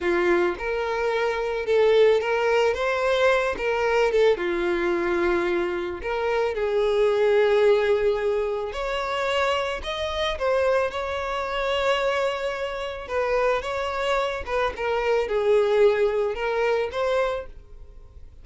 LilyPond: \new Staff \with { instrumentName = "violin" } { \time 4/4 \tempo 4 = 110 f'4 ais'2 a'4 | ais'4 c''4. ais'4 a'8 | f'2. ais'4 | gis'1 |
cis''2 dis''4 c''4 | cis''1 | b'4 cis''4. b'8 ais'4 | gis'2 ais'4 c''4 | }